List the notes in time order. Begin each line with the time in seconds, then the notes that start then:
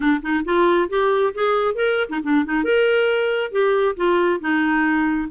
0.00 D4
0.22 D#4
0.45 F4
0.89 G4
1.34 G#4
1.74 A#4
2.09 D#4
2.23 D4
2.45 D#4
2.64 A#4
3.51 G4
3.96 F4
4.40 D#4